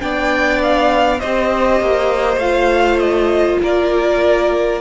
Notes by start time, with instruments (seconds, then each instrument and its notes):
0.00 cello B3, viola D4, violin D5 G5
0.63 violin F5
1.20 cello C4, viola G4, violin C5 D#5
1.80 cello A#3
2.37 cello A3, viola F4, violin F5
2.99 violin D#5
3.62 cello A#3, violin A#4 D5